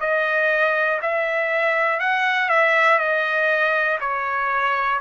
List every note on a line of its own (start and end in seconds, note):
0.00 1.00 D#5
1.02 2.00 E5
2.00 2.49 F#5
2.49 2.99 E5
2.99 3.99 D#5
4.00 5.00 C#5